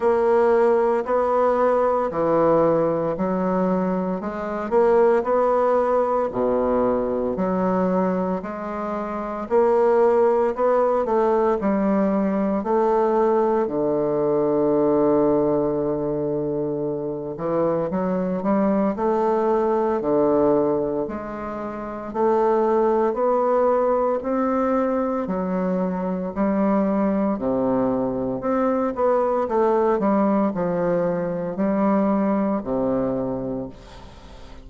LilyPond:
\new Staff \with { instrumentName = "bassoon" } { \time 4/4 \tempo 4 = 57 ais4 b4 e4 fis4 | gis8 ais8 b4 b,4 fis4 | gis4 ais4 b8 a8 g4 | a4 d2.~ |
d8 e8 fis8 g8 a4 d4 | gis4 a4 b4 c'4 | fis4 g4 c4 c'8 b8 | a8 g8 f4 g4 c4 | }